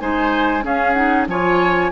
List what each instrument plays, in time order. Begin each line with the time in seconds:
0.00 bassoon G#3, clarinet D#4, oboe C5, flute G#5
0.62 clarinet C#4, bassoon C#4, oboe G#4, flute F5
0.93 clarinet D#4, flute F#5
1.27 bassoon F3, clarinet F4, oboe C#5, flute G#5